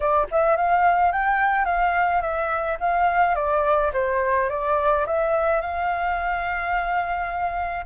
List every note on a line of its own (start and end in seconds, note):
0.00 0.27 D5
0.31 0.56 E5
0.56 1.11 F5
1.11 1.65 G5
1.65 2.21 F5
2.21 2.77 E5
2.80 3.35 F5
3.35 3.91 D5
3.93 4.49 C5
4.49 5.05 D5
5.06 5.61 E5
5.61 7.85 F5